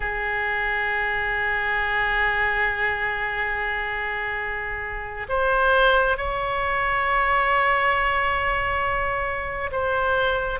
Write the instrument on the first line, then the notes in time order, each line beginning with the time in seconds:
oboe
0.00 G#4
5.29 C5
6.17 C#5
9.71 C5